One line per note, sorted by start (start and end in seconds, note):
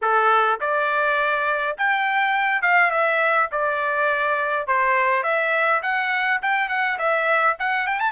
0.01 0.60 A4
0.60 1.77 D5
1.77 2.62 G5
2.62 2.90 F5
2.90 3.49 E5
3.51 4.67 D5
4.67 5.23 C5
5.23 5.81 E5
5.82 6.40 F#5
6.42 6.68 G5
6.68 6.97 F#5
6.98 7.56 E5
7.59 7.86 F#5
7.86 7.99 G5
7.99 8.12 A5